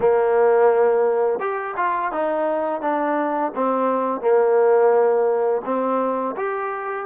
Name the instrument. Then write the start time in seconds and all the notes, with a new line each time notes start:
trombone
0.00 A#3
1.39 G4
1.76 F4
2.11 D#4
2.81 D4
3.54 C4
4.20 A#3
5.64 C4
6.36 G4